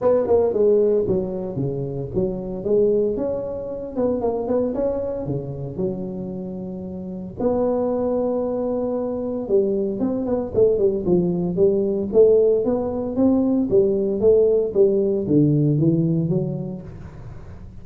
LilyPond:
\new Staff \with { instrumentName = "tuba" } { \time 4/4 \tempo 4 = 114 b8 ais8 gis4 fis4 cis4 | fis4 gis4 cis'4. b8 | ais8 b8 cis'4 cis4 fis4~ | fis2 b2~ |
b2 g4 c'8 b8 | a8 g8 f4 g4 a4 | b4 c'4 g4 a4 | g4 d4 e4 fis4 | }